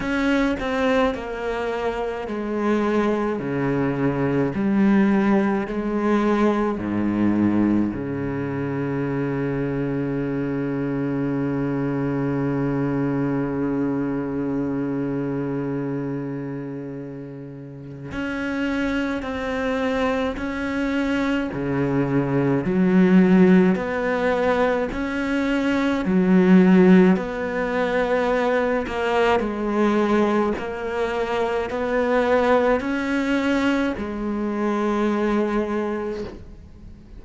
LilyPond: \new Staff \with { instrumentName = "cello" } { \time 4/4 \tempo 4 = 53 cis'8 c'8 ais4 gis4 cis4 | g4 gis4 gis,4 cis4~ | cis1~ | cis1 |
cis'4 c'4 cis'4 cis4 | fis4 b4 cis'4 fis4 | b4. ais8 gis4 ais4 | b4 cis'4 gis2 | }